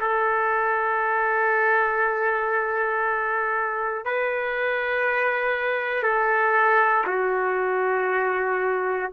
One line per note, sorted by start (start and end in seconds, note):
0.00 4.05 A4
4.05 6.03 B4
6.03 7.04 A4
7.07 9.10 F#4